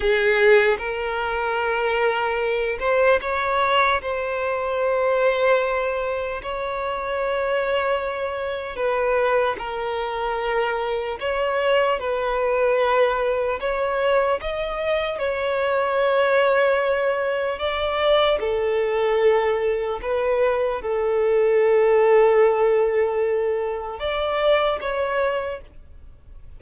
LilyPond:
\new Staff \with { instrumentName = "violin" } { \time 4/4 \tempo 4 = 75 gis'4 ais'2~ ais'8 c''8 | cis''4 c''2. | cis''2. b'4 | ais'2 cis''4 b'4~ |
b'4 cis''4 dis''4 cis''4~ | cis''2 d''4 a'4~ | a'4 b'4 a'2~ | a'2 d''4 cis''4 | }